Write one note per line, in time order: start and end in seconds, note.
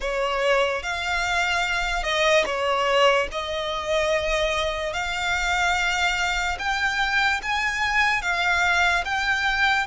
0.00 0.82 C#5
0.82 2.03 F5
2.03 2.44 D#5
2.45 3.27 C#5
3.31 4.93 D#5
4.93 6.57 F5
6.58 7.40 G5
7.42 8.22 G#5
8.22 9.04 F5
9.04 9.86 G5